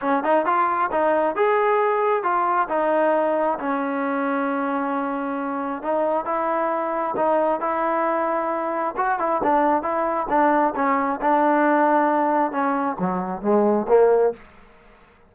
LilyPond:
\new Staff \with { instrumentName = "trombone" } { \time 4/4 \tempo 4 = 134 cis'8 dis'8 f'4 dis'4 gis'4~ | gis'4 f'4 dis'2 | cis'1~ | cis'4 dis'4 e'2 |
dis'4 e'2. | fis'8 e'8 d'4 e'4 d'4 | cis'4 d'2. | cis'4 fis4 gis4 ais4 | }